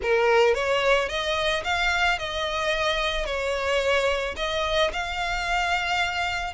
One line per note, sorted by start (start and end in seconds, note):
0.02 0.54 A#4
0.54 1.08 C#5
1.08 1.63 D#5
1.64 2.18 F5
2.18 3.25 D#5
3.25 4.34 C#5
4.36 4.91 D#5
4.92 6.53 F5